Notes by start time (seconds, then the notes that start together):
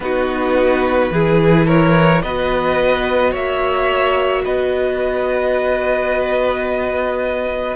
0.00 B3 D#4 F#4 B4
1.11 E3 E4 G#4
1.66 A#4 C#5
2.22 B3 F#4 B4 D#5
3.31 A#3 C#5 E5
4.44 B3 B4 D#5